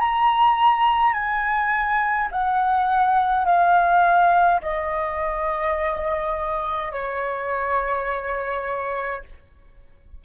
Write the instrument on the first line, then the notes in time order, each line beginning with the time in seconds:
flute
0.00 A#5
1.14 G#5
2.32 F#5
3.46 F5
4.62 D#5
6.92 C#5